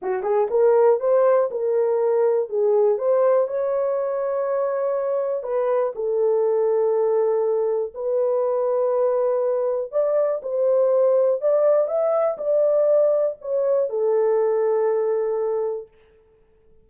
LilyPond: \new Staff \with { instrumentName = "horn" } { \time 4/4 \tempo 4 = 121 fis'8 gis'8 ais'4 c''4 ais'4~ | ais'4 gis'4 c''4 cis''4~ | cis''2. b'4 | a'1 |
b'1 | d''4 c''2 d''4 | e''4 d''2 cis''4 | a'1 | }